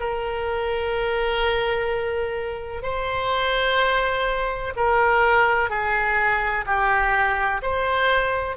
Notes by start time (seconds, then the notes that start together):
0.00 A#4
2.83 C5
4.77 A#4
5.70 G#4
6.66 G4
7.62 C5